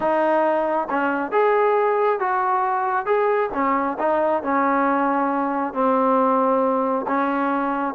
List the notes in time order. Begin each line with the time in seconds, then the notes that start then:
0.00 D#4
0.89 C#4
1.31 G#4
2.19 F#4
3.05 G#4
3.53 C#4
3.98 D#4
4.42 C#4
5.73 C4
7.07 C#4